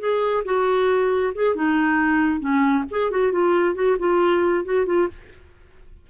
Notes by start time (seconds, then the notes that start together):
0.00 G#4
0.45 F#4
1.35 G#4
1.55 D#4
2.40 C#4
2.91 G#4
3.11 F#4
3.32 F4
3.75 F#4
3.99 F4
4.65 F#4
4.86 F4